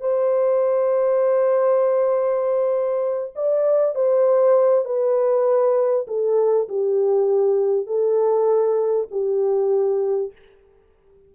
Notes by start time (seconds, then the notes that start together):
0.00 C5
3.35 D5
3.95 C5
4.85 B4
6.07 A4
6.68 G4
7.86 A4
9.11 G4